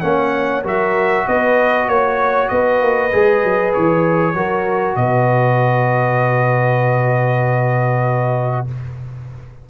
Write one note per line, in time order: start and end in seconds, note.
0.00 0.64 A#3
0.00 0.63 C#4
0.00 0.63 C#5
0.00 0.62 F#5
0.63 1.26 F#3
0.63 3.11 F#4
0.63 1.24 A#4
0.63 1.28 E5
1.26 1.87 B3
1.26 1.88 B4
1.26 1.89 D#5
1.87 2.49 A#3
1.87 2.50 C#5
1.87 2.48 C#5
2.48 2.81 B3
2.48 4.35 B4
2.48 3.72 D#5
2.81 3.12 A#3
3.12 3.43 G#3
3.12 4.35 G#4
3.43 3.74 F#3
3.73 4.34 E3
3.73 4.95 C#5
4.34 4.95 F#3
4.34 8.68 F#4
4.34 4.97 A#4
4.95 8.67 B2
4.95 8.69 B4
4.95 8.67 D#5